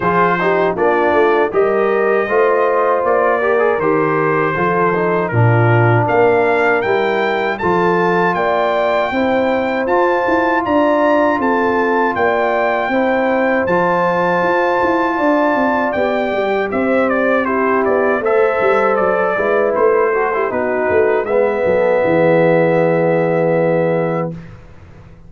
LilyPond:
<<
  \new Staff \with { instrumentName = "trumpet" } { \time 4/4 \tempo 4 = 79 c''4 d''4 dis''2 | d''4 c''2 ais'4 | f''4 g''4 a''4 g''4~ | g''4 a''4 ais''4 a''4 |
g''2 a''2~ | a''4 g''4 e''8 d''8 c''8 d''8 | e''4 d''4 c''4 b'4 | e''1 | }
  \new Staff \with { instrumentName = "horn" } { \time 4/4 gis'8 g'8 f'4 ais'4 c''4~ | c''8 ais'4. a'4 f'4 | ais'2 a'4 d''4 | c''2 d''4 a'4 |
d''4 c''2. | d''2 c''4 g'4 | c''4. b'4 a'16 g'16 fis'4 | b'8 a'8 gis'2. | }
  \new Staff \with { instrumentName = "trombone" } { \time 4/4 f'8 dis'8 d'4 g'4 f'4~ | f'8 g'16 gis'16 g'4 f'8 dis'8 d'4~ | d'4 e'4 f'2 | e'4 f'2.~ |
f'4 e'4 f'2~ | f'4 g'2 e'4 | a'4. e'4 fis'16 e'16 dis'4 | b1 | }
  \new Staff \with { instrumentName = "tuba" } { \time 4/4 f4 ais8 a8 g4 a4 | ais4 dis4 f4 ais,4 | ais4 g4 f4 ais4 | c'4 f'8 e'8 d'4 c'4 |
ais4 c'4 f4 f'8 e'8 | d'8 c'8 b8 g8 c'4. b8 | a8 g8 fis8 gis8 a4 b8 a8 | gis8 fis8 e2. | }
>>